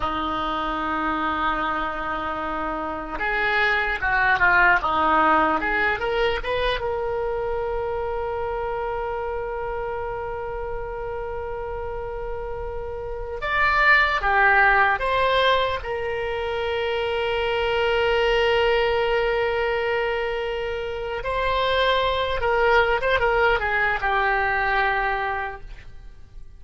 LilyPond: \new Staff \with { instrumentName = "oboe" } { \time 4/4 \tempo 4 = 75 dis'1 | gis'4 fis'8 f'8 dis'4 gis'8 ais'8 | b'8 ais'2.~ ais'8~ | ais'1~ |
ais'8. d''4 g'4 c''4 ais'16~ | ais'1~ | ais'2~ ais'8 c''4. | ais'8. c''16 ais'8 gis'8 g'2 | }